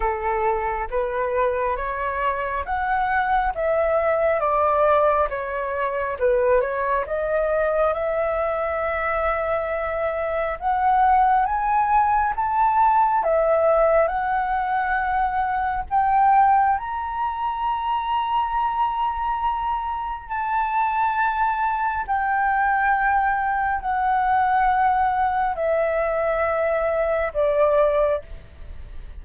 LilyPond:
\new Staff \with { instrumentName = "flute" } { \time 4/4 \tempo 4 = 68 a'4 b'4 cis''4 fis''4 | e''4 d''4 cis''4 b'8 cis''8 | dis''4 e''2. | fis''4 gis''4 a''4 e''4 |
fis''2 g''4 ais''4~ | ais''2. a''4~ | a''4 g''2 fis''4~ | fis''4 e''2 d''4 | }